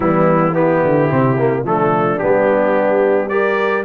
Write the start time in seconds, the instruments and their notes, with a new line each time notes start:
0.00 tuba E3, trombone G3, horn B3, trumpet E4
0.52 trombone B3, horn E4, trumpet G4
0.83 tuba D3
1.09 tuba C3, trombone C4
1.37 trombone A#3
1.64 tuba F3, trombone A3, horn D4, trumpet A4
2.18 tuba G3, trombone B3, trumpet G4
3.28 trombone G4, horn A#4, trumpet D5